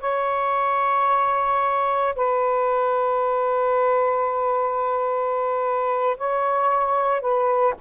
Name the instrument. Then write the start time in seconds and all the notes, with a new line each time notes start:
saxophone
0.00 C#5
2.15 B4
6.18 C#5
7.21 B4